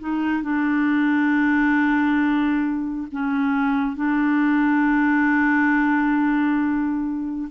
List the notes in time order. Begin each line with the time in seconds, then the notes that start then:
0.00 D#4
0.43 D4
3.12 C#4
3.96 D4